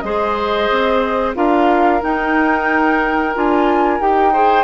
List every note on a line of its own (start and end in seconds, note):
0.00 0.69 G#3
0.00 1.34 G#4
0.00 1.36 C5
0.00 1.32 D#5
0.70 1.36 C4
1.34 2.02 D4
1.34 2.00 F4
1.34 4.32 A#4
1.34 2.02 F5
2.01 3.33 D#4
2.01 3.35 D#4
2.01 3.35 G5
3.34 4.00 D4
3.34 3.99 F4
3.34 4.01 G#5
3.99 4.63 D#4
3.99 4.32 G4
3.99 4.63 G5
4.32 4.63 G#4
4.32 4.63 C5